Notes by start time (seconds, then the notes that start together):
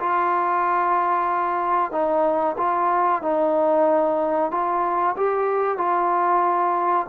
0.00 F4
1.92 D#4
2.58 F4
3.23 D#4
4.51 F4
5.17 G4
5.78 F4